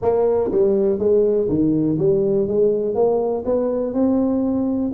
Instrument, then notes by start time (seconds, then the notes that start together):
tuba
0.02 A#3
0.51 G3
0.98 G#3
1.48 D#3
1.98 G3
2.47 G#3
2.95 A#3
3.45 B3
3.93 C4